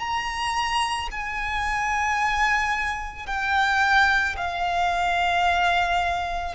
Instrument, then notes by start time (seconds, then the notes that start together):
violin
0.00 A#5
1.12 G#5
3.27 G5
4.37 F5